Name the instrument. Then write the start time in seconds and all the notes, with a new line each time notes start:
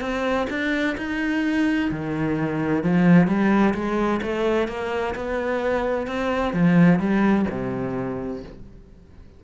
cello
0.00 C4
0.49 D4
0.97 D#4
1.90 D#3
2.83 F3
3.27 G3
3.74 G#3
4.22 A3
4.67 A#3
5.15 B3
6.07 C4
6.53 F3
6.99 G3
7.50 C3